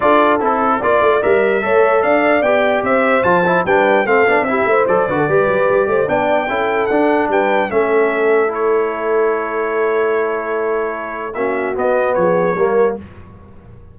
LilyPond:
<<
  \new Staff \with { instrumentName = "trumpet" } { \time 4/4 \tempo 4 = 148 d''4 a'4 d''4 e''4~ | e''4 f''4 g''4 e''4 | a''4 g''4 f''4 e''4 | d''2. g''4~ |
g''4 fis''4 g''4 e''4~ | e''4 cis''2.~ | cis''1 | e''4 dis''4 cis''2 | }
  \new Staff \with { instrumentName = "horn" } { \time 4/4 a'2 d''2 | cis''4 d''2 c''4~ | c''4 b'4 a'4 g'8 c''8~ | c''8 b'16 a'16 b'4. c''8 d''4 |
a'2 b'4 a'4~ | a'1~ | a'1 | fis'2 gis'4 ais'4 | }
  \new Staff \with { instrumentName = "trombone" } { \time 4/4 f'4 e'4 f'4 ais'4 | a'2 g'2 | f'8 e'8 d'4 c'8 d'8 e'4 | a'8 fis'8 g'2 d'4 |
e'4 d'2 cis'4~ | cis'4 e'2.~ | e'1 | cis'4 b2 ais4 | }
  \new Staff \with { instrumentName = "tuba" } { \time 4/4 d'4 c'4 ais8 a8 g4 | a4 d'4 b4 c'4 | f4 g4 a8 b8 c'8 a8 | fis8 d8 g8 fis8 g8 a8 b4 |
cis'4 d'4 g4 a4~ | a1~ | a1 | ais4 b4 f4 g4 | }
>>